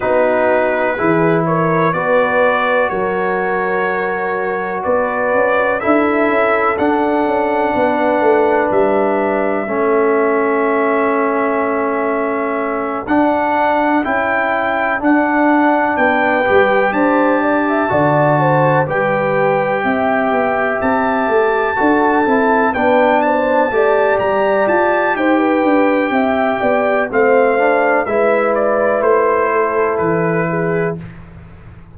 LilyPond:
<<
  \new Staff \with { instrumentName = "trumpet" } { \time 4/4 \tempo 4 = 62 b'4. cis''8 d''4 cis''4~ | cis''4 d''4 e''4 fis''4~ | fis''4 e''2.~ | e''4. fis''4 g''4 fis''8~ |
fis''8 g''4 a''2 g''8~ | g''4. a''2 g''8 | a''4 ais''8 a''8 g''2 | f''4 e''8 d''8 c''4 b'4 | }
  \new Staff \with { instrumentName = "horn" } { \time 4/4 fis'4 gis'8 ais'8 b'4 ais'4~ | ais'4 b'4 a'2 | b'2 a'2~ | a'1~ |
a'8 b'4 c''8 d''16 e''16 d''8 c''8 b'8~ | b'8 e''2 a'4 b'8 | c''8 d''4. c''16 b'8. e''8 d''8 | c''4 b'4. a'4 gis'8 | }
  \new Staff \with { instrumentName = "trombone" } { \time 4/4 dis'4 e'4 fis'2~ | fis'2 e'4 d'4~ | d'2 cis'2~ | cis'4. d'4 e'4 d'8~ |
d'4 g'4. fis'4 g'8~ | g'2~ g'8 fis'8 e'8 d'8~ | d'8 g'2.~ g'8 | c'8 d'8 e'2. | }
  \new Staff \with { instrumentName = "tuba" } { \time 4/4 b4 e4 b4 fis4~ | fis4 b8 cis'8 d'8 cis'8 d'8 cis'8 | b8 a8 g4 a2~ | a4. d'4 cis'4 d'8~ |
d'8 b8 g8 d'4 d4 g8~ | g8 c'8 b8 c'8 a8 d'8 c'8 b8~ | b8 a8 g8 f'8 dis'8 d'8 c'8 b8 | a4 gis4 a4 e4 | }
>>